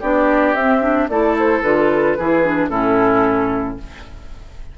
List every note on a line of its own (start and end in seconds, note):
0.00 0.54 B3
0.00 0.56 D4
0.00 1.08 G4
0.00 0.54 D5
0.54 1.08 C4
0.54 0.81 C4
0.54 1.08 E5
0.81 1.08 D4
1.09 1.63 A3
1.09 1.64 E4
1.09 2.18 A4
1.09 1.36 D5
1.39 1.62 C5
1.62 2.17 D3
1.62 2.18 F4
1.62 2.69 B4
2.18 2.69 E3
2.18 2.45 E4
2.18 2.69 G#4
2.45 2.70 D4
2.69 3.77 A2
2.69 3.78 C#4
2.69 3.77 E4
2.69 3.77 A4